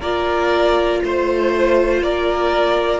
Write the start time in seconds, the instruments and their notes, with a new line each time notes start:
0.00 cello A#3, viola F4, violin A#4 D5
1.04 cello A3, violin C5
2.02 cello A#3, violin A#4 D5